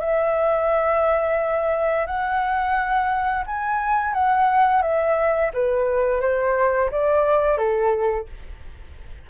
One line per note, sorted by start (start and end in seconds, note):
0.00 2.07 E5
2.07 3.45 F#5
3.46 4.13 G#5
4.13 4.82 F#5
4.82 5.51 E5
5.54 6.21 B4
6.21 6.90 C5
6.91 7.58 D5
7.58 8.27 A4